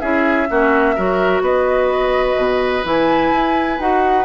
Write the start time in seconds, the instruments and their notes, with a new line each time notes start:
0.00 bassoon C#4, clarinet E4, oboe G#4, flute E5
0.50 bassoon A#3, clarinet C#4, oboe F#4
0.96 bassoon F#3, clarinet F#4, oboe A#4
1.42 bassoon B3, oboe B4, flute D#5
2.37 bassoon B2
2.84 bassoon E3, clarinet E4, flute G#5
3.32 bassoon E4
3.80 bassoon D#4, clarinet F#4, flute F#5